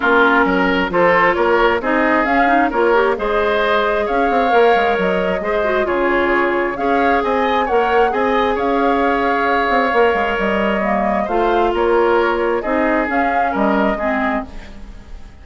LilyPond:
<<
  \new Staff \with { instrumentName = "flute" } { \time 4/4 \tempo 4 = 133 ais'2 c''4 cis''4 | dis''4 f''4 cis''4 dis''4~ | dis''4 f''2 dis''4~ | dis''4 cis''2 f''4 |
gis''4 fis''4 gis''4 f''4~ | f''2. dis''4~ | dis''4 f''4 cis''2 | dis''4 f''4 dis''2 | }
  \new Staff \with { instrumentName = "oboe" } { \time 4/4 f'4 ais'4 a'4 ais'4 | gis'2 ais'4 c''4~ | c''4 cis''2. | c''4 gis'2 cis''4 |
dis''4 cis''4 dis''4 cis''4~ | cis''1~ | cis''4 c''4 ais'2 | gis'2 ais'4 gis'4 | }
  \new Staff \with { instrumentName = "clarinet" } { \time 4/4 cis'2 f'2 | dis'4 cis'8 dis'8 f'8 g'8 gis'4~ | gis'2 ais'2 | gis'8 fis'8 f'2 gis'4~ |
gis'4 ais'4 gis'2~ | gis'2 ais'2 | ais4 f'2. | dis'4 cis'2 c'4 | }
  \new Staff \with { instrumentName = "bassoon" } { \time 4/4 ais4 fis4 f4 ais4 | c'4 cis'4 ais4 gis4~ | gis4 cis'8 c'8 ais8 gis8 fis4 | gis4 cis2 cis'4 |
c'4 ais4 c'4 cis'4~ | cis'4. c'8 ais8 gis8 g4~ | g4 a4 ais2 | c'4 cis'4 g4 gis4 | }
>>